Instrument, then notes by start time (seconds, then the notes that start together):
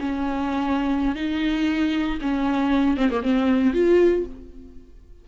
viola
0.00 C#4
1.15 D#4
2.22 C#4
2.97 C4
3.10 A#3
3.23 C4
3.74 F4